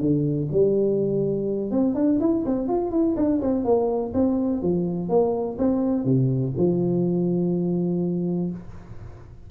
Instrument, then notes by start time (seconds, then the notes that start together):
tuba
0.00 D3
0.51 G3
1.71 C4
1.95 D4
2.20 E4
2.46 C4
2.68 F4
2.91 E4
3.16 D4
3.41 C4
3.64 A#3
4.13 C4
4.62 F3
5.09 A#3
5.58 C4
6.04 C3
6.57 F3